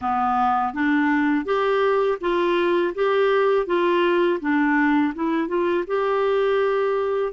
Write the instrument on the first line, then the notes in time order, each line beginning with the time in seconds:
clarinet
0.01 B3
0.73 D4
1.45 G4
2.20 F4
2.95 G4
3.66 F4
4.40 D4
5.14 E4
5.47 F4
5.87 G4